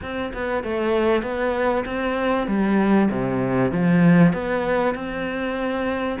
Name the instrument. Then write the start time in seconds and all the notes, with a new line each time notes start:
cello
0.01 C4
0.33 B3
0.63 A3
1.22 B3
1.85 C4
2.47 G3
3.10 C3
3.71 F3
4.33 B3
4.95 C4